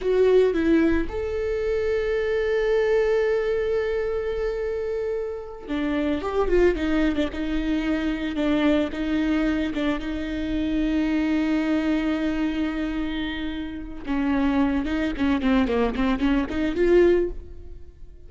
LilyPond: \new Staff \with { instrumentName = "viola" } { \time 4/4 \tempo 4 = 111 fis'4 e'4 a'2~ | a'1~ | a'2~ a'8 d'4 g'8 | f'8 dis'8. d'16 dis'2 d'8~ |
d'8 dis'4. d'8 dis'4.~ | dis'1~ | dis'2 cis'4. dis'8 | cis'8 c'8 ais8 c'8 cis'8 dis'8 f'4 | }